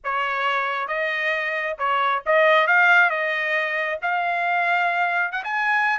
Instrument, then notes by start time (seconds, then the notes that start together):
trumpet
0.03 C#5
0.87 D#5
1.78 C#5
2.25 D#5
2.67 F5
3.09 D#5
4.02 F5
5.32 F#5
5.44 G#5